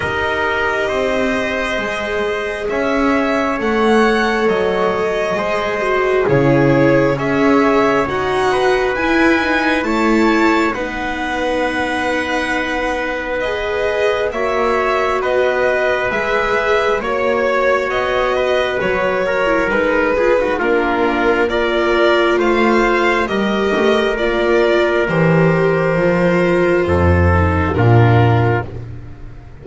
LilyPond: <<
  \new Staff \with { instrumentName = "violin" } { \time 4/4 \tempo 4 = 67 dis''2. e''4 | fis''4 dis''2 cis''4 | e''4 fis''4 gis''4 a''4 | fis''2. dis''4 |
e''4 dis''4 e''4 cis''4 | dis''4 cis''4 b'4 ais'4 | d''4 f''4 dis''4 d''4 | c''2. ais'4 | }
  \new Staff \with { instrumentName = "trumpet" } { \time 4/4 ais'4 c''2 cis''4~ | cis''2 c''4 gis'4 | cis''4. b'4. cis''4 | b'1 |
cis''4 b'2 cis''4~ | cis''8 b'4 ais'4 gis'16 fis'16 f'4 | ais'4 c''4 ais'2~ | ais'2 a'4 f'4 | }
  \new Staff \with { instrumentName = "viola" } { \time 4/4 g'2 gis'2 | a'2 gis'8 fis'8 e'4 | gis'4 fis'4 e'8 dis'8 e'4 | dis'2. gis'4 |
fis'2 gis'4 fis'4~ | fis'4.~ fis'16 e'16 dis'8 f'16 dis'16 d'4 | f'2 g'4 f'4 | g'4 f'4. dis'8 d'4 | }
  \new Staff \with { instrumentName = "double bass" } { \time 4/4 dis'4 c'4 gis4 cis'4 | a4 fis4 gis4 cis4 | cis'4 dis'4 e'4 a4 | b1 |
ais4 b4 gis4 ais4 | b4 fis4 gis4 ais4~ | ais4 a4 g8 a8 ais4 | e4 f4 f,4 ais,4 | }
>>